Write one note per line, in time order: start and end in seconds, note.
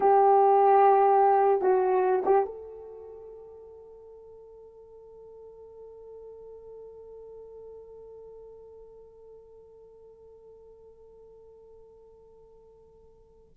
0.00 1.61 G4
1.61 2.23 F#4
2.25 2.45 G4
2.45 13.54 A4